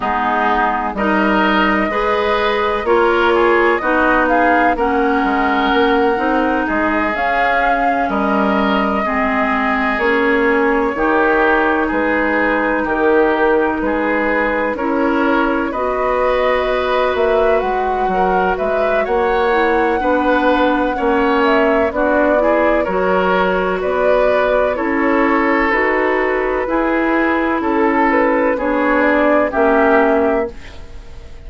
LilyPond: <<
  \new Staff \with { instrumentName = "flute" } { \time 4/4 \tempo 4 = 63 gis'4 dis''2 cis''4 | dis''8 f''8 fis''2 dis''8 f''8~ | f''8 dis''2 cis''4.~ | cis''8 b'4 ais'4 b'4 cis''8~ |
cis''8 dis''4. e''8 fis''4 e''8 | fis''2~ fis''8 e''8 d''4 | cis''4 d''4 cis''4 b'4~ | b'4 a'8 b'8 cis''8 d''8 e''4 | }
  \new Staff \with { instrumentName = "oboe" } { \time 4/4 dis'4 ais'4 b'4 ais'8 gis'8 | fis'8 gis'8 ais'2 gis'4~ | gis'8 ais'4 gis'2 g'8~ | g'8 gis'4 g'4 gis'4 ais'8~ |
ais'8 b'2~ b'8 ais'8 b'8 | cis''4 b'4 cis''4 fis'8 gis'8 | ais'4 b'4 a'2 | gis'4 a'4 gis'4 g'4 | }
  \new Staff \with { instrumentName = "clarinet" } { \time 4/4 b4 dis'4 gis'4 f'4 | dis'4 cis'4. dis'4 cis'8~ | cis'4. c'4 cis'4 dis'8~ | dis'2.~ dis'8 e'8~ |
e'8 fis'2.~ fis'8~ | fis'8 e'8 d'4 cis'4 d'8 e'8 | fis'2 e'4 fis'4 | e'2 d'4 cis'4 | }
  \new Staff \with { instrumentName = "bassoon" } { \time 4/4 gis4 g4 gis4 ais4 | b4 ais8 gis8 ais8 c'8 gis8 cis'8~ | cis'8 g4 gis4 ais4 dis8~ | dis8 gis4 dis4 gis4 cis'8~ |
cis'8 b4. ais8 gis8 fis8 gis8 | ais4 b4 ais4 b4 | fis4 b4 cis'4 dis'4 | e'4 cis'4 b4 ais4 | }
>>